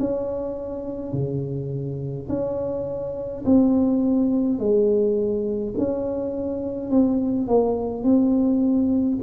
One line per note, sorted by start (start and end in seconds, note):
0.00 1.13 C#4
1.13 2.28 C#3
2.29 3.45 C#4
3.46 4.59 C4
4.59 5.74 G#3
5.78 6.90 C#4
6.90 7.48 C4
7.48 8.03 A#3
8.03 9.19 C4